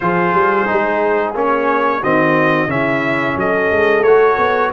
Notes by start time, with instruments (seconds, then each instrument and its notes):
0.00 tuba F3, trombone F4, horn G#4, trumpet C5
0.33 tuba G3
0.66 trombone D#4
0.72 tuba G#3
1.34 tuba A#3, trombone C#4, trumpet C#5
2.00 tuba D#3, trombone C4, horn F#4, trumpet D#5
2.66 tuba C#3, trombone C#4, horn E4, trumpet E5
3.36 tuba F#3, horn A4, trumpet D#5
3.70 tuba G#3
4.03 tuba A3, trombone F#4, trumpet C#5
4.37 tuba B3